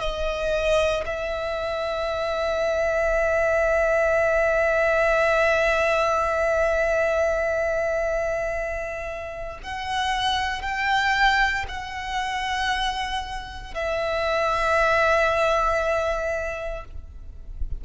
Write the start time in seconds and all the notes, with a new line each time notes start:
0.00 D#5
1.05 E5
9.63 F#5
10.61 G5
11.68 F#5
13.74 E5